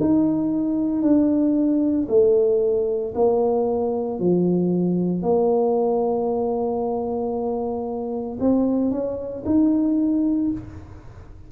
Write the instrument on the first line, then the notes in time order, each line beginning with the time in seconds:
tuba
0.00 D#4
1.02 D4
2.09 A3
3.15 A#3
4.19 F3
5.22 A#3
8.40 C4
8.91 C#4
9.45 D#4